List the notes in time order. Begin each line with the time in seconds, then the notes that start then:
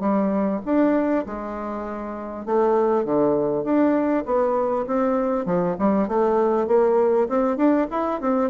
0.00 G3
0.65 D4
1.26 G#3
2.46 A3
3.05 D3
3.64 D4
4.26 B3
4.87 C4
5.46 F3
5.79 G3
6.08 A3
6.67 A#3
7.29 C4
7.57 D4
7.91 E4
8.21 C4